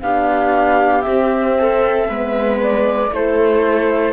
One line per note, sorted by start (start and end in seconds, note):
0.00 1.05 B3
0.00 1.05 D4
0.00 1.58 G4
0.00 1.01 F5
1.01 2.07 C4
1.01 2.09 C4
1.01 2.56 E5
1.58 2.08 A4
2.07 3.11 G#3
2.07 3.11 B3
2.07 3.12 B4
2.62 3.14 D5
3.11 4.13 A3
3.11 4.13 E4
3.11 4.13 A4
3.11 4.13 C5